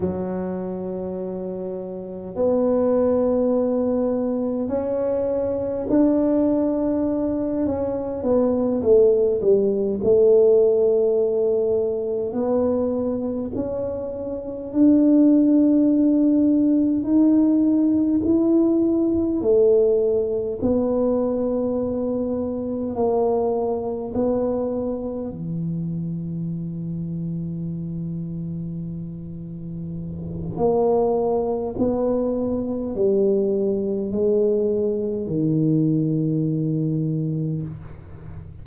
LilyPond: \new Staff \with { instrumentName = "tuba" } { \time 4/4 \tempo 4 = 51 fis2 b2 | cis'4 d'4. cis'8 b8 a8 | g8 a2 b4 cis'8~ | cis'8 d'2 dis'4 e'8~ |
e'8 a4 b2 ais8~ | ais8 b4 e2~ e8~ | e2 ais4 b4 | g4 gis4 dis2 | }